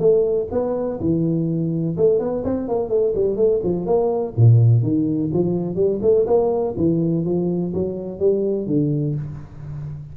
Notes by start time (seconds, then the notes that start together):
0.00 A3
0.52 B3
1.01 E3
1.97 A3
2.20 B3
2.45 C4
2.69 A#3
2.89 A3
3.15 G3
3.36 A3
3.63 F3
3.86 A#3
4.37 A#2
4.83 D#3
5.33 F3
5.76 G3
6.02 A3
6.27 A#3
6.77 E3
7.25 F3
7.74 F#3
8.20 G3
8.67 D3